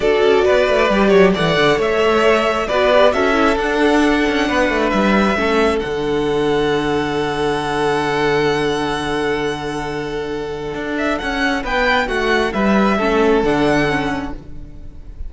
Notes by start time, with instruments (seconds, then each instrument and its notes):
0.00 cello D4, viola F#4, violin A4 D5
0.21 cello C#4
0.44 cello B3, violin B4
0.68 cello A3
0.90 cello G3, viola G4
1.08 cello F#3, violin C#5
1.34 cello E3, viola A4, violin D5 F#5
1.56 cello D3
1.76 cello A3, violin C#5 E5
2.67 cello B3, viola F#4, violin B4 D5
2.93 viola G4
3.12 cello C#4, viola F#4, violin A4 E5
3.32 viola E4
3.57 cello D4, viola D4, violin F#5
4.28 cello C#4
4.48 cello B3, violin B4
4.69 cello A3
4.89 cello G3, violin E5
5.35 cello A3, viola C#4, violin A4
5.79 cello D3, viola D4, violin F#5
10.74 cello D4
10.98 violin E5
11.18 cello C#4, violin F#5
11.63 cello B3, violin B4 G5
12.07 cello A3, violin F#4 F#5
12.52 cello G3, violin B4 E5
12.97 cello A3, viola C#4, violin A4
13.43 cello D3, viola D4, violin F#5
13.88 viola C#4